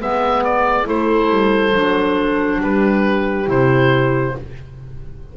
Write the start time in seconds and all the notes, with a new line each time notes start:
0.00 G#3 B3 B4 E5
0.44 D5
0.84 A3 E4 A4 C5
1.30 G3
1.74 F#3 D4
2.61 G3 G4 B4
3.46 C3 E4 C5